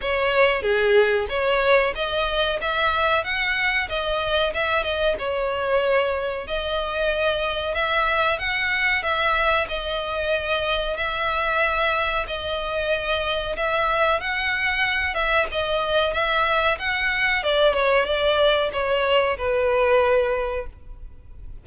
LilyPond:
\new Staff \with { instrumentName = "violin" } { \time 4/4 \tempo 4 = 93 cis''4 gis'4 cis''4 dis''4 | e''4 fis''4 dis''4 e''8 dis''8 | cis''2 dis''2 | e''4 fis''4 e''4 dis''4~ |
dis''4 e''2 dis''4~ | dis''4 e''4 fis''4. e''8 | dis''4 e''4 fis''4 d''8 cis''8 | d''4 cis''4 b'2 | }